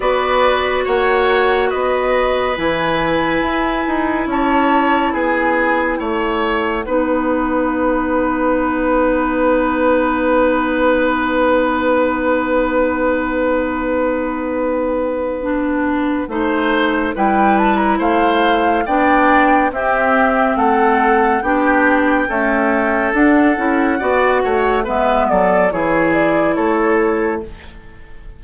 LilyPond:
<<
  \new Staff \with { instrumentName = "flute" } { \time 4/4 \tempo 4 = 70 d''4 fis''4 dis''4 gis''4~ | gis''4 a''4 gis''4 fis''4~ | fis''1~ | fis''1~ |
fis''1 | g''8 a''16 ais''16 f''4 g''4 e''4 | fis''4 g''2 fis''4~ | fis''4 e''8 d''8 cis''8 d''8 cis''4 | }
  \new Staff \with { instrumentName = "oboe" } { \time 4/4 b'4 cis''4 b'2~ | b'4 cis''4 gis'4 cis''4 | b'1~ | b'1~ |
b'2. c''4 | b'4 c''4 d''4 g'4 | a'4 g'4 a'2 | d''8 cis''8 b'8 a'8 gis'4 a'4 | }
  \new Staff \with { instrumentName = "clarinet" } { \time 4/4 fis'2. e'4~ | e'1 | dis'1~ | dis'1~ |
dis'2 d'4 dis'4 | e'2 d'4 c'4~ | c'4 d'4 a4 d'8 e'8 | fis'4 b4 e'2 | }
  \new Staff \with { instrumentName = "bassoon" } { \time 4/4 b4 ais4 b4 e4 | e'8 dis'8 cis'4 b4 a4 | b1~ | b1~ |
b2. a4 | g4 a4 b4 c'4 | a4 b4 cis'4 d'8 cis'8 | b8 a8 gis8 fis8 e4 a4 | }
>>